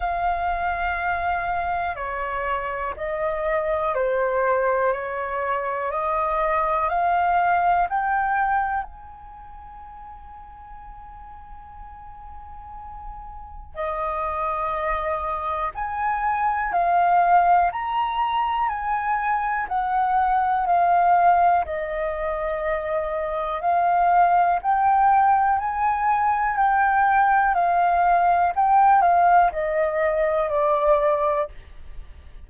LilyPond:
\new Staff \with { instrumentName = "flute" } { \time 4/4 \tempo 4 = 61 f''2 cis''4 dis''4 | c''4 cis''4 dis''4 f''4 | g''4 gis''2.~ | gis''2 dis''2 |
gis''4 f''4 ais''4 gis''4 | fis''4 f''4 dis''2 | f''4 g''4 gis''4 g''4 | f''4 g''8 f''8 dis''4 d''4 | }